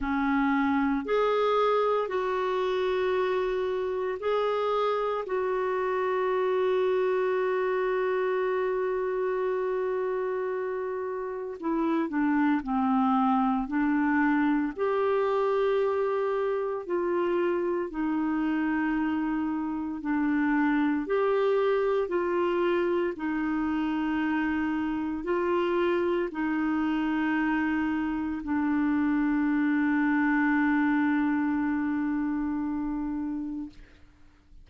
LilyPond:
\new Staff \with { instrumentName = "clarinet" } { \time 4/4 \tempo 4 = 57 cis'4 gis'4 fis'2 | gis'4 fis'2.~ | fis'2. e'8 d'8 | c'4 d'4 g'2 |
f'4 dis'2 d'4 | g'4 f'4 dis'2 | f'4 dis'2 d'4~ | d'1 | }